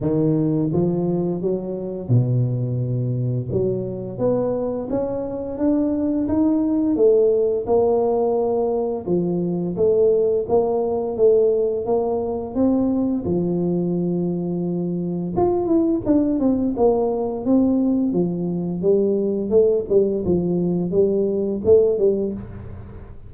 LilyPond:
\new Staff \with { instrumentName = "tuba" } { \time 4/4 \tempo 4 = 86 dis4 f4 fis4 b,4~ | b,4 fis4 b4 cis'4 | d'4 dis'4 a4 ais4~ | ais4 f4 a4 ais4 |
a4 ais4 c'4 f4~ | f2 f'8 e'8 d'8 c'8 | ais4 c'4 f4 g4 | a8 g8 f4 g4 a8 g8 | }